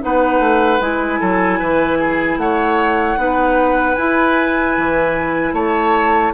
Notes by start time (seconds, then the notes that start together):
0.00 B3 D#4 B4 F#5
0.39 A3
0.80 G#3 E4 G#5
1.20 F#3 A4
1.59 E3 B4
1.99 G#4
2.37 A3 C#5 F#5
3.17 B3 D#4 B4
3.94 E4 G#5
4.77 E3
5.52 A3 C#5 A5